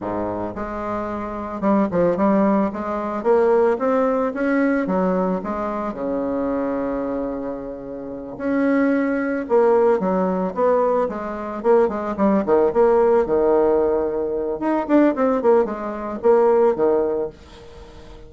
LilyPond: \new Staff \with { instrumentName = "bassoon" } { \time 4/4 \tempo 4 = 111 gis,4 gis2 g8 f8 | g4 gis4 ais4 c'4 | cis'4 fis4 gis4 cis4~ | cis2.~ cis8 cis'8~ |
cis'4. ais4 fis4 b8~ | b8 gis4 ais8 gis8 g8 dis8 ais8~ | ais8 dis2~ dis8 dis'8 d'8 | c'8 ais8 gis4 ais4 dis4 | }